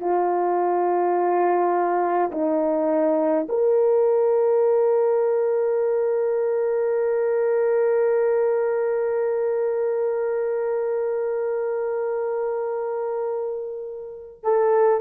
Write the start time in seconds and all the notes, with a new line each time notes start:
0.00 F4
2.32 D#4
3.49 A#4
14.43 A4